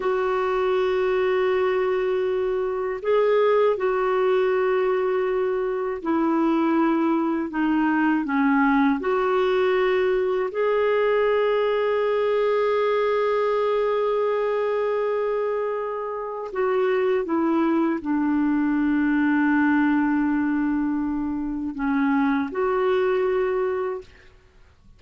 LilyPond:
\new Staff \with { instrumentName = "clarinet" } { \time 4/4 \tempo 4 = 80 fis'1 | gis'4 fis'2. | e'2 dis'4 cis'4 | fis'2 gis'2~ |
gis'1~ | gis'2 fis'4 e'4 | d'1~ | d'4 cis'4 fis'2 | }